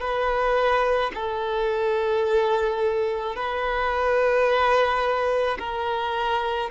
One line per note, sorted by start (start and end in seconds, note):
0.00 1.11 B4
1.14 3.35 A4
3.35 5.58 B4
5.59 6.70 A#4